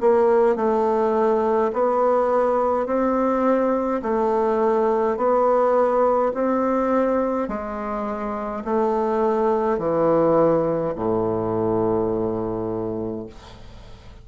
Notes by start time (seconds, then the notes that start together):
0.00 A#3
0.56 A3
1.73 B3
2.86 C4
4.02 A3
5.17 B3
6.34 C4
7.48 G#3
8.64 A3
9.78 E3
10.95 A2